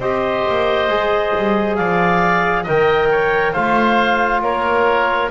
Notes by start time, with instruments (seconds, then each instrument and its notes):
0.00 double bass C4, trombone G4, oboe C5, clarinet D#5
0.49 double bass A#3
0.89 double bass G#3, trombone G#4
1.37 double bass G3
1.76 double bass F3, oboe D5, clarinet F5
2.64 double bass D#3, trombone A#4, oboe D#5, clarinet G5
3.12 oboe C#5
3.53 double bass A3, trombone F4, oboe C5, clarinet F5
4.42 double bass A#3, oboe A#4, clarinet C#5